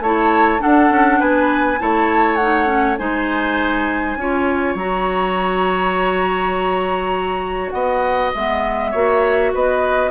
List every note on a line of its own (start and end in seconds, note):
0.00 0.59 A3
0.00 0.59 E4
0.00 0.62 C#5
0.00 0.62 A5
0.59 1.78 D4
0.59 1.20 A4
0.59 1.21 F#5
0.66 0.90 D4
0.90 1.20 C#4
1.20 1.81 B3
1.20 1.79 B4
1.20 1.81 G#5
1.79 3.00 A3
1.79 2.39 E4
1.79 2.99 C#5
1.79 2.36 A5
2.36 2.66 D#4
2.36 2.96 F#5
2.66 2.96 C#4
2.98 4.17 G#3
2.98 4.17 D#4
2.98 4.18 C5
2.98 4.76 G#5
4.17 4.75 C#4
4.17 4.79 F4
4.17 7.74 C#5
4.75 7.72 F#3
4.75 8.36 F#4
4.75 7.71 A#5
7.71 8.33 B3
7.71 8.91 D#5
7.71 8.30 F#5
8.35 8.94 G#3
8.35 8.94 B3
8.35 9.54 E5
8.91 9.54 A#3
8.91 10.11 F#4
8.91 9.51 C#5
9.54 10.11 B3
9.54 10.11 B4
9.54 10.11 D#5